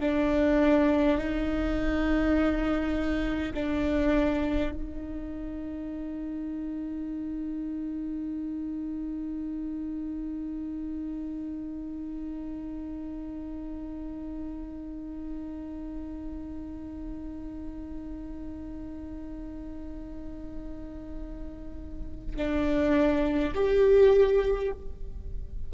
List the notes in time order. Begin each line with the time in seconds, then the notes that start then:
0.00 D4
1.17 D#4
3.53 D4
4.72 D#4
22.36 D4
23.54 G4